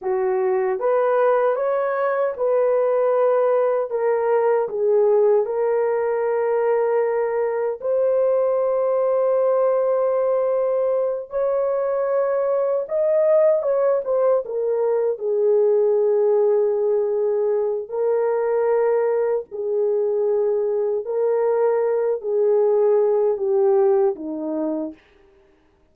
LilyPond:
\new Staff \with { instrumentName = "horn" } { \time 4/4 \tempo 4 = 77 fis'4 b'4 cis''4 b'4~ | b'4 ais'4 gis'4 ais'4~ | ais'2 c''2~ | c''2~ c''8 cis''4.~ |
cis''8 dis''4 cis''8 c''8 ais'4 gis'8~ | gis'2. ais'4~ | ais'4 gis'2 ais'4~ | ais'8 gis'4. g'4 dis'4 | }